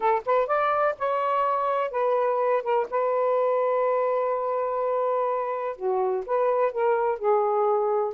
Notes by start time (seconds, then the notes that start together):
0.00 A4
0.25 B4
0.47 D5
0.98 C#5
1.90 B4
2.62 A#4
2.90 B4
5.76 F#4
6.25 B4
6.72 A#4
7.18 G#4